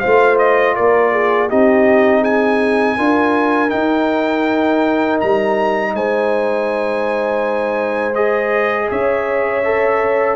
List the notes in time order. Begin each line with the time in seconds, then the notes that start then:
0.00 F4 C5 F5
0.06 A3
0.39 D#5
0.76 A#3 A#4 D5
1.12 G#4
1.49 C4 D#4 G4 D#5
2.21 G#4 G#5
2.97 D4 F4 A#4
3.69 D#4 G5
5.21 G3 A#5
5.94 G#3 C5 G#5
8.15 G#4 D#5
8.90 C#4 C#5 E5
9.65 A4